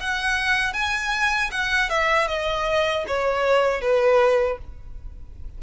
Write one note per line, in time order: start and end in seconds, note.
0.00 0.74 F#5
0.74 1.51 G#5
1.51 1.90 F#5
1.90 2.28 E5
2.28 3.05 D#5
3.07 3.81 C#5
3.81 4.58 B4